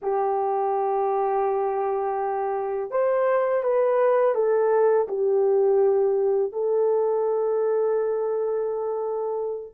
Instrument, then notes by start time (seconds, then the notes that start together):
horn
0.02 G4
2.90 C5
3.63 B4
4.34 A4
5.08 G4
6.52 A4